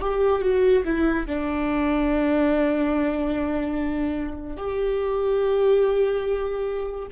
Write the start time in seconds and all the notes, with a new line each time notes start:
0.00 G4
0.42 F#4
0.85 E4
1.27 D4
4.57 G4